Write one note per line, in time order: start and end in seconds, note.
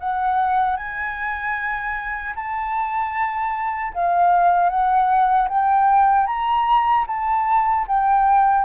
0.00 0.76 F#5
0.76 2.34 G#5
2.35 3.93 A5
3.94 4.69 F5
4.69 5.48 F#5
5.49 6.27 G5
6.27 7.06 A#5
7.07 7.86 A5
7.87 8.65 G5